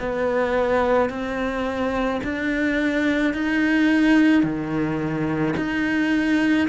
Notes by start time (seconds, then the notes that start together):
0.00 B3
1.10 C4
2.24 D4
3.34 D#4
4.43 D#3
5.57 D#4